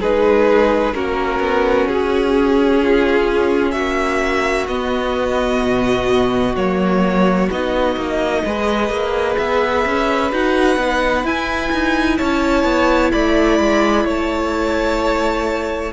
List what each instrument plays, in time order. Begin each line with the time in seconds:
0.00 cello G#3, viola D#4, violin G#4 B4
0.94 cello A#3, viola C#4, violin F#4 A#4
1.39 cello B3
1.88 cello C#4, violin G#4
2.82 violin F4
3.72 cello A#3, violin F#4 E5
4.68 cello B3, viola B3, violin D#5
5.62 cello B2
6.55 cello F#3, viola A#3, violin C#5
7.51 cello B3, viola D#4, violin D#5
7.96 cello A#3
8.45 cello G#3, viola G#4, violin B4
8.89 cello A#3
9.37 cello B3, violin E5
9.85 cello C#4
10.31 cello D#4, viola F#4, violin F#5
10.77 cello B3, viola D#4
11.23 viola E4, cello E4, violin G#5
11.72 cello D#4
12.17 cello C#4, violin C#5 A5
12.64 cello B3
13.12 cello A3, violin D5 B5
13.60 cello G#3
14.04 cello A3, violin C#5 A5